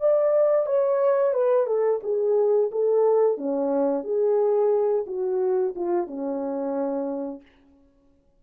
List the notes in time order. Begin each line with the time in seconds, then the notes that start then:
0.00 D5
0.66 C#5
1.33 B4
1.66 A4
2.03 G#4
2.71 A4
3.37 C#4
4.04 G#4
5.07 F#4
5.75 F4
6.07 C#4